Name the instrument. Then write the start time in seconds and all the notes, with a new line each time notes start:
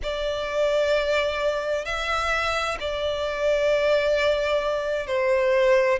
violin
0.03 D5
1.85 E5
2.79 D5
5.06 C5